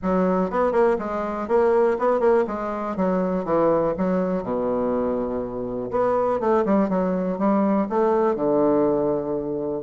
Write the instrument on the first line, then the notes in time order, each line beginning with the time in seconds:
bassoon
0.02 F#3
0.50 B3
0.72 A#3
0.99 G#3
1.48 A#3
1.99 B3
2.20 A#3
2.47 G#3
2.96 F#3
3.44 E3
3.97 F#3
4.43 B2
5.90 B3
6.40 A3
6.65 G3
6.89 F#3
7.38 G3
7.89 A3
8.35 D3